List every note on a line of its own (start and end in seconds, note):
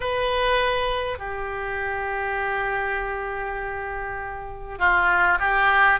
0.00 1.18 B4
1.18 4.78 G4
4.78 5.38 F4
5.39 5.99 G4